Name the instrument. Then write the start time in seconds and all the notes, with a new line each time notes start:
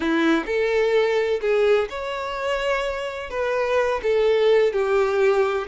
violin
0.00 E4
0.46 A4
1.41 G#4
1.89 C#5
3.29 B4
4.03 A4
4.72 G4